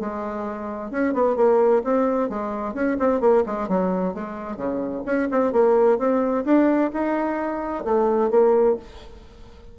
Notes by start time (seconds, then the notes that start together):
0.00 G#3
0.91 C#4
1.14 B3
1.36 A#3
1.84 C4
2.30 G#3
2.74 C#4
2.99 C4
3.21 A#3
3.46 G#3
3.68 F#3
4.14 G#3
4.57 C#3
5.06 C#4
5.31 C4
5.52 A#3
5.99 C4
6.45 D4
6.93 D#4
7.84 A3
8.30 A#3